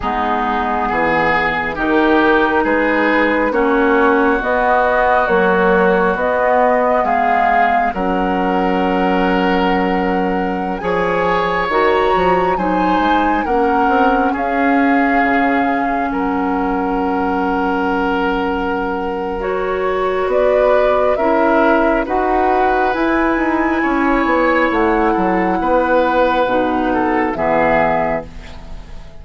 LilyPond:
<<
  \new Staff \with { instrumentName = "flute" } { \time 4/4 \tempo 4 = 68 gis'2 ais'4 b'4 | cis''4 dis''4 cis''4 dis''4 | f''4 fis''2.~ | fis''16 gis''4 ais''4 gis''4 fis''8.~ |
fis''16 f''2 fis''4.~ fis''16~ | fis''2 cis''4 d''4 | e''4 fis''4 gis''2 | fis''2. e''4 | }
  \new Staff \with { instrumentName = "oboe" } { \time 4/4 dis'4 gis'4 g'4 gis'4 | fis'1 | gis'4 ais'2.~ | ais'16 cis''2 c''4 ais'8.~ |
ais'16 gis'2 ais'4.~ ais'16~ | ais'2. b'4 | ais'4 b'2 cis''4~ | cis''8 a'8 b'4. a'8 gis'4 | }
  \new Staff \with { instrumentName = "clarinet" } { \time 4/4 b2 dis'2 | cis'4 b4 fis4 b4~ | b4 cis'2.~ | cis'16 gis'4 fis'4 dis'4 cis'8.~ |
cis'1~ | cis'2 fis'2 | e'4 fis'4 e'2~ | e'2 dis'4 b4 | }
  \new Staff \with { instrumentName = "bassoon" } { \time 4/4 gis4 e4 dis4 gis4 | ais4 b4 ais4 b4 | gis4 fis2.~ | fis16 f4 dis8 f8 fis8 gis8 ais8 c'16~ |
c'16 cis'4 cis4 fis4.~ fis16~ | fis2. b4 | cis'4 dis'4 e'8 dis'8 cis'8 b8 | a8 fis8 b4 b,4 e4 | }
>>